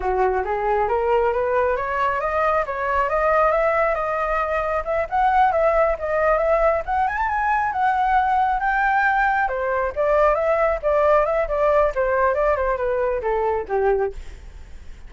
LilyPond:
\new Staff \with { instrumentName = "flute" } { \time 4/4 \tempo 4 = 136 fis'4 gis'4 ais'4 b'4 | cis''4 dis''4 cis''4 dis''4 | e''4 dis''2 e''8 fis''8~ | fis''8 e''4 dis''4 e''4 fis''8 |
gis''16 a''16 gis''4 fis''2 g''8~ | g''4. c''4 d''4 e''8~ | e''8 d''4 e''8 d''4 c''4 | d''8 c''8 b'4 a'4 g'4 | }